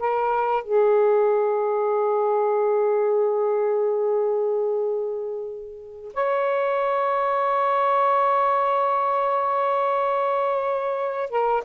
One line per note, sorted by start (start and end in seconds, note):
0.00 0.64 A#4
0.64 6.14 G#4
6.14 11.30 C#5
11.30 11.64 A#4